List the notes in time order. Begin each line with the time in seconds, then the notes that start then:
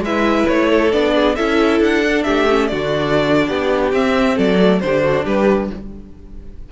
0.00 G#3 B4 E5
0.07 E4
0.48 A3 C#5
0.70 A4
0.92 B3 D4 D5
1.15 G#4
1.36 C#4 E4 A4 E5
1.80 D4 F#5
2.04 D4
2.24 A3 G4 E5
2.50 C#4
2.68 D3 D4 F#4 D5
3.48 B3 G4
3.93 C4 E5
4.36 F#3 A4 D5
4.58 A3
4.80 D3 D4 G4 C5
5.03 F#4
5.25 G3 G4 B4